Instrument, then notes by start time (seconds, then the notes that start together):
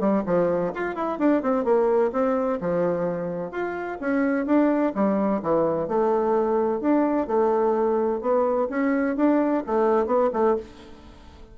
bassoon
0.00 G3
0.26 F3
0.75 F4
0.96 E4
1.19 D4
1.43 C4
1.65 A#3
2.13 C4
2.61 F3
3.52 F4
4.01 C#4
4.46 D4
4.95 G3
5.43 E3
5.88 A3
6.81 D4
7.28 A3
8.21 B3
8.70 C#4
9.17 D4
9.66 A3
10.07 B3
10.34 A3